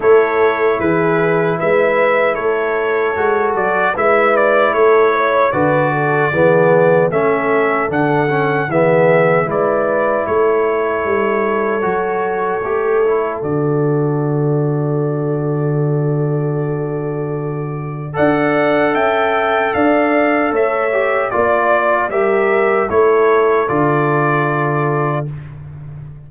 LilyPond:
<<
  \new Staff \with { instrumentName = "trumpet" } { \time 4/4 \tempo 4 = 76 cis''4 b'4 e''4 cis''4~ | cis''8 d''8 e''8 d''8 cis''4 d''4~ | d''4 e''4 fis''4 e''4 | d''4 cis''2.~ |
cis''4 d''2.~ | d''2. fis''4 | g''4 f''4 e''4 d''4 | e''4 cis''4 d''2 | }
  \new Staff \with { instrumentName = "horn" } { \time 4/4 a'4 gis'4 b'4 a'4~ | a'4 b'4 a'8 cis''8 b'8 a'8 | gis'4 a'2 gis'4 | b'4 a'2.~ |
a'1~ | a'2. d''4 | e''4 d''4 cis''4 d''4 | ais'4 a'2. | }
  \new Staff \with { instrumentName = "trombone" } { \time 4/4 e'1 | fis'4 e'2 fis'4 | b4 cis'4 d'8 cis'8 b4 | e'2. fis'4 |
g'8 e'8 fis'2.~ | fis'2. a'4~ | a'2~ a'8 g'8 f'4 | g'4 e'4 f'2 | }
  \new Staff \with { instrumentName = "tuba" } { \time 4/4 a4 e4 gis4 a4 | gis8 fis8 gis4 a4 d4 | e4 a4 d4 e4 | gis4 a4 g4 fis4 |
a4 d2.~ | d2. d'4 | cis'4 d'4 a4 ais4 | g4 a4 d2 | }
>>